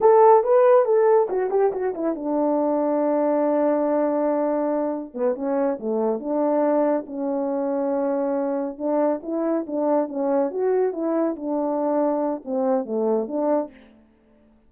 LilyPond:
\new Staff \with { instrumentName = "horn" } { \time 4/4 \tempo 4 = 140 a'4 b'4 a'4 fis'8 g'8 | fis'8 e'8 d'2.~ | d'1 | b8 cis'4 a4 d'4.~ |
d'8 cis'2.~ cis'8~ | cis'8 d'4 e'4 d'4 cis'8~ | cis'8 fis'4 e'4 d'4.~ | d'4 c'4 a4 d'4 | }